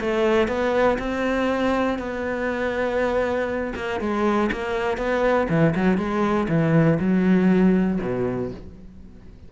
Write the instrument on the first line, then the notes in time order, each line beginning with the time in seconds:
cello
0.00 A3
0.48 B3
0.99 C4
1.98 B3
3.75 A#3
4.00 G#3
4.52 A#3
4.97 B3
5.49 E3
5.75 F#3
5.97 G#3
6.48 E3
6.99 F#3
8.01 B2